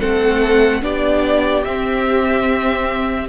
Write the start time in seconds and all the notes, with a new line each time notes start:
0.00 A3 C4 A4 F#5
0.82 B3 D4 G4 D5
1.64 C4 E5